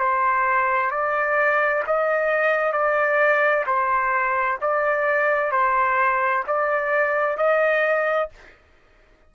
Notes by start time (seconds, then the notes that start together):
0.00 C5
0.91 D5
1.87 D#5
2.73 D5
3.67 C5
4.62 D5
5.52 C5
6.48 D5
7.38 D#5